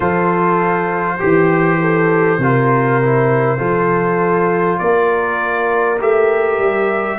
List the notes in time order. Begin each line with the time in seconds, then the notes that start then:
0.00 F3 F4 A4 C5
1.19 E3 G4
1.80 A4
2.38 C3 F4 A#4
3.02 E4
3.58 F3 F4 A4
4.79 A#3 A#4 D5
6.00 A3 G4 E5
6.58 G3